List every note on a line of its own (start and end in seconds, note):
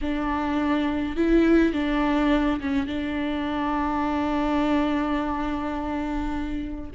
0.01 1.16 D4
1.16 1.73 E4
1.73 2.60 D4
2.60 2.87 C#4
2.87 6.90 D4